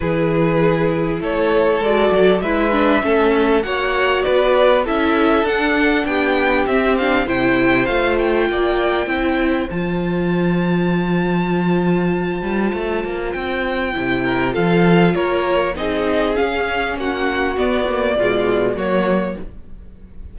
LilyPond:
<<
  \new Staff \with { instrumentName = "violin" } { \time 4/4 \tempo 4 = 99 b'2 cis''4 d''4 | e''2 fis''4 d''4 | e''4 fis''4 g''4 e''8 f''8 | g''4 f''8 g''2~ g''8 |
a''1~ | a''2 g''2 | f''4 cis''4 dis''4 f''4 | fis''4 d''2 cis''4 | }
  \new Staff \with { instrumentName = "violin" } { \time 4/4 gis'2 a'2 | b'4 a'4 cis''4 b'4 | a'2 g'2 | c''2 d''4 c''4~ |
c''1~ | c''2.~ c''8 ais'8 | a'4 ais'4 gis'2 | fis'2 f'4 fis'4 | }
  \new Staff \with { instrumentName = "viola" } { \time 4/4 e'2. fis'4 | e'8 d'8 cis'4 fis'2 | e'4 d'2 c'8 d'8 | e'4 f'2 e'4 |
f'1~ | f'2. e'4 | f'2 dis'4 cis'4~ | cis'4 b8 ais8 gis4 ais4 | }
  \new Staff \with { instrumentName = "cello" } { \time 4/4 e2 a4 gis8 fis8 | gis4 a4 ais4 b4 | cis'4 d'4 b4 c'4 | c4 a4 ais4 c'4 |
f1~ | f8 g8 a8 ais8 c'4 c4 | f4 ais4 c'4 cis'4 | ais4 b4 b,4 fis4 | }
>>